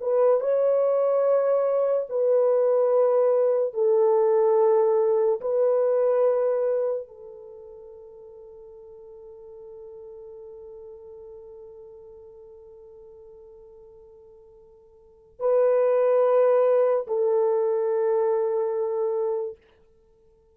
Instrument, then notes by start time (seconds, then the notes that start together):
horn
0.00 B4
0.40 C#5
2.09 B4
3.73 A4
5.41 B4
7.08 A4
15.39 B4
17.07 A4